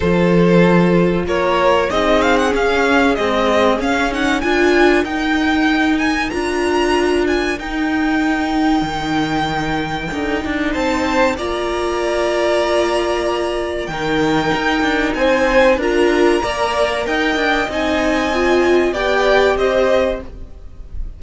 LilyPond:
<<
  \new Staff \with { instrumentName = "violin" } { \time 4/4 \tempo 4 = 95 c''2 cis''4 dis''8 f''16 fis''16 | f''4 dis''4 f''8 fis''8 gis''4 | g''4. gis''8 ais''4. gis''8 | g''1~ |
g''4 a''4 ais''2~ | ais''2 g''2 | gis''4 ais''2 g''4 | gis''2 g''4 dis''4 | }
  \new Staff \with { instrumentName = "violin" } { \time 4/4 a'2 ais'4 gis'4~ | gis'2. ais'4~ | ais'1~ | ais'1~ |
ais'4 c''4 d''2~ | d''2 ais'2 | c''4 ais'4 d''4 dis''4~ | dis''2 d''4 c''4 | }
  \new Staff \with { instrumentName = "viola" } { \time 4/4 f'2. dis'4 | cis'4 gis4 cis'8 dis'8 f'4 | dis'2 f'2 | dis'1 |
d8 dis'4. f'2~ | f'2 dis'2~ | dis'4 f'4 ais'2 | dis'4 f'4 g'2 | }
  \new Staff \with { instrumentName = "cello" } { \time 4/4 f2 ais4 c'4 | cis'4 c'4 cis'4 d'4 | dis'2 d'2 | dis'2 dis2 |
dis'8 d'8 c'4 ais2~ | ais2 dis4 dis'8 d'8 | c'4 d'4 ais4 dis'8 d'8 | c'2 b4 c'4 | }
>>